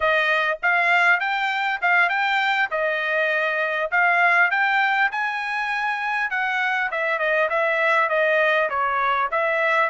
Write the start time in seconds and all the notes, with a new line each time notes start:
0.00 D#5
0.62 F5
1.19 G5
1.81 F5
2.09 G5
2.70 D#5
3.91 F5
4.50 G5
5.11 G#5
6.30 F#5
6.91 E5
7.18 D#5
7.49 E5
8.09 D#5
8.69 C#5
9.31 E5